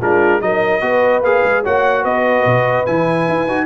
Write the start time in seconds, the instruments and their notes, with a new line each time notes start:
0.00 tuba G#3, trombone D4, horn F4, trumpet A#4
0.40 tuba F#3, trombone D#4, horn A#4, trumpet D#5
0.81 tuba B3, trombone F#4, horn B4
1.22 tuba A#3, trombone G#4, trumpet F5
1.44 tuba G#3
1.63 tuba A#3, trombone F#4, horn C#5, trumpet F#5
2.01 tuba B3, horn B4, trumpet D#5
2.45 tuba B2
2.85 tuba E3, trombone E4, trumpet G#5
3.28 tuba E4
3.47 tuba D#4, trombone F#4